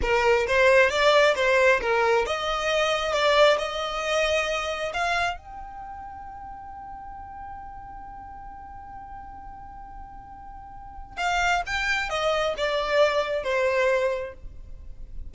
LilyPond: \new Staff \with { instrumentName = "violin" } { \time 4/4 \tempo 4 = 134 ais'4 c''4 d''4 c''4 | ais'4 dis''2 d''4 | dis''2. f''4 | g''1~ |
g''1~ | g''1~ | g''4 f''4 g''4 dis''4 | d''2 c''2 | }